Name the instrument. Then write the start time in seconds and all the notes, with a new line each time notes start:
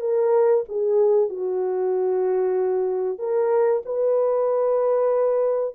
horn
0.00 A#4
0.68 G#4
1.29 F#4
3.19 A#4
3.85 B4